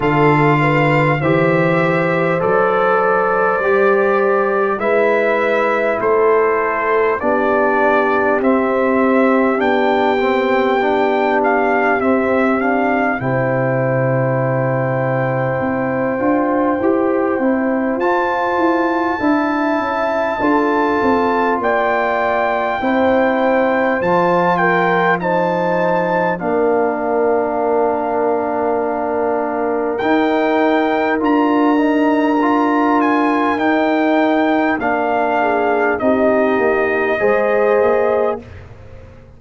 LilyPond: <<
  \new Staff \with { instrumentName = "trumpet" } { \time 4/4 \tempo 4 = 50 f''4 e''4 d''2 | e''4 c''4 d''4 e''4 | g''4. f''8 e''8 f''8 g''4~ | g''2. a''4~ |
a''2 g''2 | a''8 g''8 a''4 f''2~ | f''4 g''4 ais''4. gis''8 | g''4 f''4 dis''2 | }
  \new Staff \with { instrumentName = "horn" } { \time 4/4 a'8 b'8 c''2. | b'4 a'4 g'2~ | g'2. c''4~ | c''1 |
e''4 a'4 d''4 c''4~ | c''8 ais'8 c''4 ais'2~ | ais'1~ | ais'4. gis'8 g'4 c''4 | }
  \new Staff \with { instrumentName = "trombone" } { \time 4/4 f'4 g'4 a'4 g'4 | e'2 d'4 c'4 | d'8 c'8 d'4 c'8 d'8 e'4~ | e'4. f'8 g'8 e'8 f'4 |
e'4 f'2 e'4 | f'4 dis'4 d'2~ | d'4 dis'4 f'8 dis'8 f'4 | dis'4 d'4 dis'4 gis'4 | }
  \new Staff \with { instrumentName = "tuba" } { \time 4/4 d4 e4 fis4 g4 | gis4 a4 b4 c'4 | b2 c'4 c4~ | c4 c'8 d'8 e'8 c'8 f'8 e'8 |
d'8 cis'8 d'8 c'8 ais4 c'4 | f2 ais2~ | ais4 dis'4 d'2 | dis'4 ais4 c'8 ais8 gis8 ais8 | }
>>